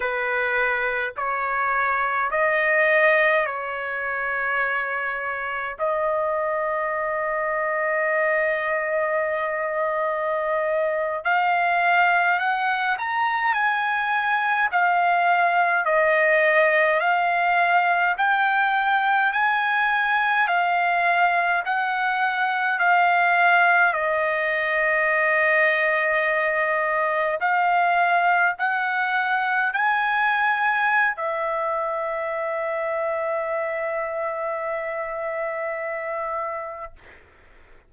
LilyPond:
\new Staff \with { instrumentName = "trumpet" } { \time 4/4 \tempo 4 = 52 b'4 cis''4 dis''4 cis''4~ | cis''4 dis''2.~ | dis''4.~ dis''16 f''4 fis''8 ais''8 gis''16~ | gis''8. f''4 dis''4 f''4 g''16~ |
g''8. gis''4 f''4 fis''4 f''16~ | f''8. dis''2. f''16~ | f''8. fis''4 gis''4~ gis''16 e''4~ | e''1 | }